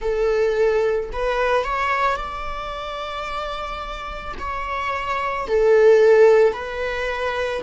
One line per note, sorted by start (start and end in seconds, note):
0.01 1.10 A4
1.12 1.64 B4
1.64 2.16 C#5
2.16 4.34 D5
4.38 5.47 C#5
5.47 6.52 A4
6.52 7.61 B4